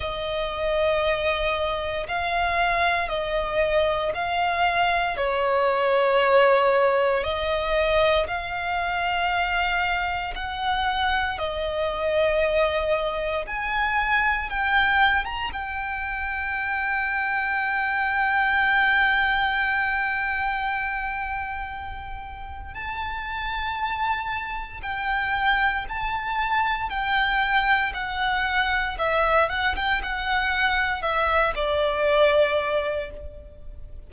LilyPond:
\new Staff \with { instrumentName = "violin" } { \time 4/4 \tempo 4 = 58 dis''2 f''4 dis''4 | f''4 cis''2 dis''4 | f''2 fis''4 dis''4~ | dis''4 gis''4 g''8. ais''16 g''4~ |
g''1~ | g''2 a''2 | g''4 a''4 g''4 fis''4 | e''8 fis''16 g''16 fis''4 e''8 d''4. | }